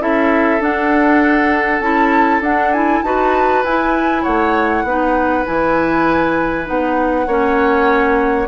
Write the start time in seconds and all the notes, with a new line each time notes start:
0.00 C#4 E4 A4 E5
0.60 D4 F#5
1.80 C#4 E4 A5
2.40 D4 F#5
2.73 E4 G#5
3.03 D#4 F#4 B4 A5
3.64 E4 G#5
4.22 A3 C#5 F#5
4.83 B3 D#4 B4
5.45 E3 E4 G#5
6.65 B3 D#4 F#5
7.27 A#3 C#4 C#5